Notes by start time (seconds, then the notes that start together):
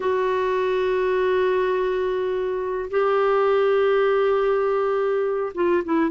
0.00 F#4
2.90 G4
5.54 F4
5.84 E4